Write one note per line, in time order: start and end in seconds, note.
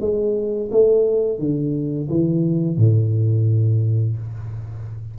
0.00 0.70 G#3
0.71 1.39 A3
1.39 2.08 D3
2.09 2.77 E3
2.77 4.17 A2